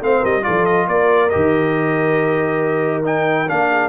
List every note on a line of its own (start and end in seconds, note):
0.00 0.22 A3
0.00 0.42 C4
0.00 0.20 C5
0.00 0.25 F5
0.20 0.46 G3
0.20 0.42 A#4
0.20 0.44 D#5
0.42 0.88 F3
0.42 1.29 F4
0.42 0.87 A4
0.42 0.66 D5
0.66 0.87 D#5
0.87 1.31 A#3
0.87 3.69 A#4
0.87 1.30 D5
1.30 3.50 D#3
1.30 3.03 G4
1.30 3.04 D#5
3.03 3.47 D#4
3.03 3.49 G5
3.48 3.89 A#3
3.48 3.89 D4
3.48 3.89 F5
3.69 3.89 G#4